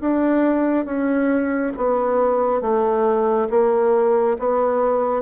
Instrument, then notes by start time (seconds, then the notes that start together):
bassoon
0.00 D4
0.85 C#4
1.77 B3
2.61 A3
3.50 A#3
4.39 B3